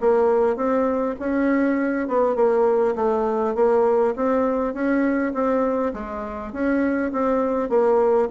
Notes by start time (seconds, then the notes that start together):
0.00 A#3
0.56 C4
1.19 C#4
2.07 B3
2.35 A#3
2.95 A3
3.55 A#3
4.15 C4
4.74 C#4
5.33 C4
5.93 G#3
6.52 C#4
7.12 C4
7.69 A#3